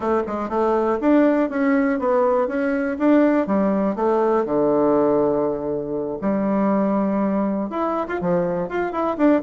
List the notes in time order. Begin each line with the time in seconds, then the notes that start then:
0.00 A3
0.27 G#3
0.49 A3
1.00 D4
1.49 C#4
1.99 B3
2.47 C#4
2.98 D4
3.46 G3
3.95 A3
4.45 D3
6.21 G3
7.69 E4
8.07 F4
8.21 F3
8.68 F4
8.92 E4
9.17 D4